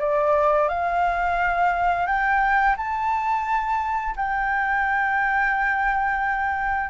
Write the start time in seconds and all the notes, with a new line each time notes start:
0.00 D5
0.69 F5
2.07 G5
2.77 A5
4.17 G5